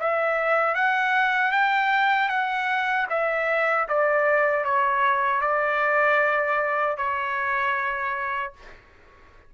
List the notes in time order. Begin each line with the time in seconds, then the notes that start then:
0.00 E5
0.74 F#5
1.51 G5
2.28 F#5
3.10 E5
3.88 D5
4.64 C#5
5.41 D5
6.97 C#5